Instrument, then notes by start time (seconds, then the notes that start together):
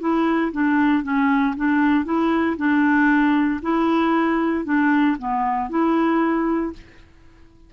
clarinet
0.00 E4
0.52 D4
1.03 C#4
1.57 D4
2.05 E4
2.57 D4
3.62 E4
4.65 D4
5.18 B3
5.69 E4